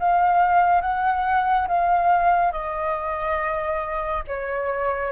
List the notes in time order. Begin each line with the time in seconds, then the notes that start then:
0.00 F5
0.82 F#5
1.68 F5
2.52 D#5
4.28 C#5